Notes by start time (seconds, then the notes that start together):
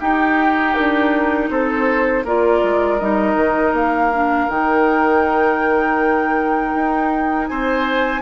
0.00 D#4 G4 G5
0.75 D4 A#4
1.50 C4 A4 C5
2.24 A#3 F4 A#4 D5
2.64 G#3
2.99 G3 D#4 D#5
3.35 D#3
3.73 A#3 F5
4.13 D4
4.49 D#3 D#4 G5
6.75 D#4
7.48 C4 C5 G#5